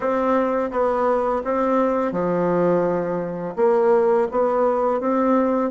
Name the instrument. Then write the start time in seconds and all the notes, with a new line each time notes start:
bassoon
0.00 C4
0.71 B3
1.44 C4
2.11 F3
3.56 A#3
4.31 B3
5.00 C4